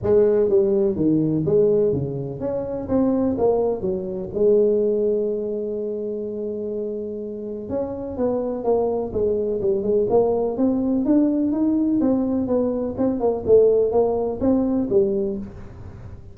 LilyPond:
\new Staff \with { instrumentName = "tuba" } { \time 4/4 \tempo 4 = 125 gis4 g4 dis4 gis4 | cis4 cis'4 c'4 ais4 | fis4 gis2.~ | gis1 |
cis'4 b4 ais4 gis4 | g8 gis8 ais4 c'4 d'4 | dis'4 c'4 b4 c'8 ais8 | a4 ais4 c'4 g4 | }